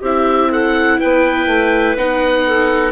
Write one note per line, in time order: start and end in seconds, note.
0.00 0.98 C4
0.00 1.97 E4
0.00 0.48 G4
0.00 0.52 E5
0.50 0.99 A4
0.50 1.00 F#5
0.99 1.46 B3
0.99 2.44 B4
0.99 1.97 G5
1.46 1.95 A3
1.96 2.92 B3
1.96 2.92 D#4
1.96 2.92 F#5
2.46 2.92 A4